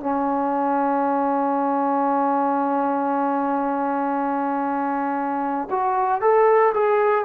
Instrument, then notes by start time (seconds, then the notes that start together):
trombone
0.00 C#4
5.70 F#4
6.21 A4
6.74 G#4